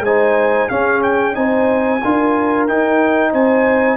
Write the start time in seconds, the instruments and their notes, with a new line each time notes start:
0.00 tuba G#3, horn C5, trumpet G#5
0.06 trombone D#4
0.69 trombone C#4, tuba C#4, horn G#4, trumpet F5
1.03 trumpet G5
1.34 tuba C4, trombone D#4, horn C5, trumpet G#5
2.04 tuba D4, trombone F4, horn A#4
2.68 tuba D#4, trombone D#4, trumpet G5
3.32 tuba C4, horn C5, trumpet G#5